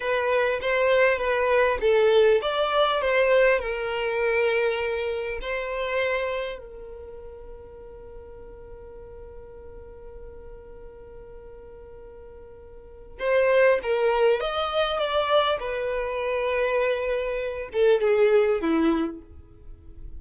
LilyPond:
\new Staff \with { instrumentName = "violin" } { \time 4/4 \tempo 4 = 100 b'4 c''4 b'4 a'4 | d''4 c''4 ais'2~ | ais'4 c''2 ais'4~ | ais'1~ |
ais'1~ | ais'2 c''4 ais'4 | dis''4 d''4 b'2~ | b'4. a'8 gis'4 e'4 | }